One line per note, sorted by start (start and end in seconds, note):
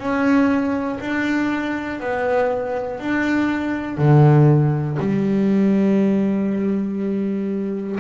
0.00 1.00 C#4
1.01 2.00 D4
2.00 3.00 B3
3.00 3.98 D4
3.98 4.98 D3
5.00 8.00 G3